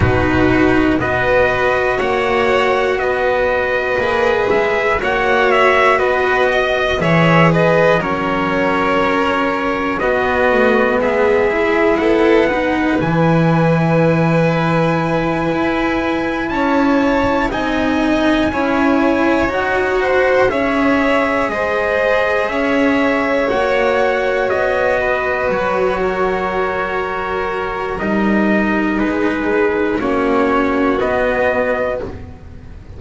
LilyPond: <<
  \new Staff \with { instrumentName = "trumpet" } { \time 4/4 \tempo 4 = 60 b'4 dis''4 fis''4 dis''4~ | dis''8 e''8 fis''8 e''8 dis''4 e''8 dis''8 | cis''2 dis''4 e''4 | fis''4 gis''2.~ |
gis''8 a''4 gis''2 fis''8~ | fis''8 e''4 dis''4 e''4 fis''8~ | fis''8 dis''4 cis''2~ cis''8 | dis''4 b'4 cis''4 dis''4 | }
  \new Staff \with { instrumentName = "violin" } { \time 4/4 fis'4 b'4 cis''4 b'4~ | b'4 cis''4 b'8 dis''8 cis''8 b'8 | ais'2 fis'4 gis'4 | a'8 b'2.~ b'8~ |
b'8 cis''4 dis''4 cis''4. | c''8 cis''4 c''4 cis''4.~ | cis''4 b'4 ais'2~ | ais'4 gis'4 fis'2 | }
  \new Staff \with { instrumentName = "cello" } { \time 4/4 dis'4 fis'2. | gis'4 fis'2 gis'4 | cis'2 b4. e'8~ | e'8 dis'8 e'2.~ |
e'4. dis'4 e'4 fis'8~ | fis'8 gis'2. fis'8~ | fis'1 | dis'2 cis'4 b4 | }
  \new Staff \with { instrumentName = "double bass" } { \time 4/4 b,4 b4 ais4 b4 | ais8 gis8 ais4 b4 e4 | fis2 b8 a8 gis4 | b4 e2~ e8 e'8~ |
e'8 cis'4 c'4 cis'4 dis'8~ | dis'8 cis'4 gis4 cis'4 ais8~ | ais8 b4 fis2~ fis8 | g4 gis4 ais4 b4 | }
>>